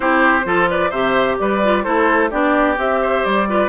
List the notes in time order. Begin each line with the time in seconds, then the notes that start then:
0.00 C4 E4 G4 C5
0.44 F3 F4 A4
0.69 B4 D5
0.90 C3 G4 C5 E5
1.38 G3 B4 D5
1.63 F4
1.83 A3 E4 A4 C5
2.30 B3 D4 G4 D5
2.77 C4 G4 E5
3.02 C5
3.24 G3 D5
3.47 F4 B4